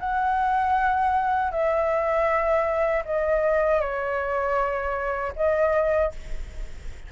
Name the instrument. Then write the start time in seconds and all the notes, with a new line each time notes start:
flute
0.00 F#5
1.52 E5
3.05 D#5
3.81 C#5
5.36 D#5